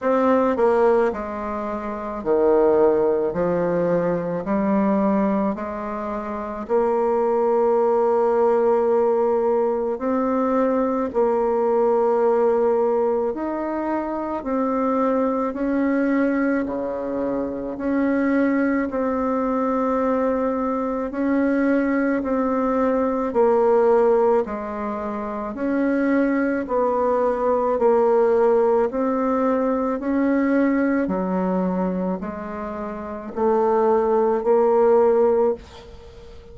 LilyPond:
\new Staff \with { instrumentName = "bassoon" } { \time 4/4 \tempo 4 = 54 c'8 ais8 gis4 dis4 f4 | g4 gis4 ais2~ | ais4 c'4 ais2 | dis'4 c'4 cis'4 cis4 |
cis'4 c'2 cis'4 | c'4 ais4 gis4 cis'4 | b4 ais4 c'4 cis'4 | fis4 gis4 a4 ais4 | }